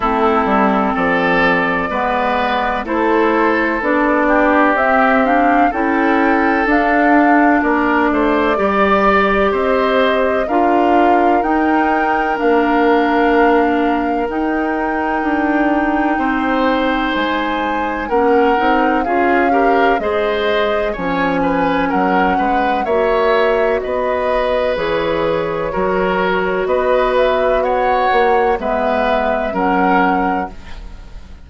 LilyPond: <<
  \new Staff \with { instrumentName = "flute" } { \time 4/4 \tempo 4 = 63 a'4 d''2 c''4 | d''4 e''8 f''8 g''4 f''4 | d''2 dis''4 f''4 | g''4 f''2 g''4~ |
g''2 gis''4 fis''4 | f''4 dis''4 gis''4 fis''4 | e''4 dis''4 cis''2 | dis''8 e''8 fis''4 e''4 fis''4 | }
  \new Staff \with { instrumentName = "oboe" } { \time 4/4 e'4 a'4 b'4 a'4~ | a'8 g'4. a'2 | ais'8 c''8 d''4 c''4 ais'4~ | ais'1~ |
ais'4 c''2 ais'4 | gis'8 ais'8 c''4 cis''8 b'8 ais'8 b'8 | cis''4 b'2 ais'4 | b'4 cis''4 b'4 ais'4 | }
  \new Staff \with { instrumentName = "clarinet" } { \time 4/4 c'2 b4 e'4 | d'4 c'8 d'8 e'4 d'4~ | d'4 g'2 f'4 | dis'4 d'2 dis'4~ |
dis'2. cis'8 dis'8 | f'8 g'8 gis'4 cis'2 | fis'2 gis'4 fis'4~ | fis'2 b4 cis'4 | }
  \new Staff \with { instrumentName = "bassoon" } { \time 4/4 a8 g8 f4 gis4 a4 | b4 c'4 cis'4 d'4 | ais8 a8 g4 c'4 d'4 | dis'4 ais2 dis'4 |
d'4 c'4 gis4 ais8 c'8 | cis'4 gis4 f4 fis8 gis8 | ais4 b4 e4 fis4 | b4. ais8 gis4 fis4 | }
>>